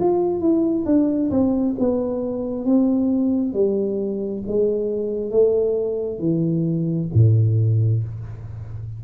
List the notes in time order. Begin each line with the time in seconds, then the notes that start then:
0.00 F4
0.40 E4
0.86 D4
1.31 C4
1.79 B3
2.65 C4
3.54 G3
4.48 G#3
5.31 A3
6.20 E3
7.14 A2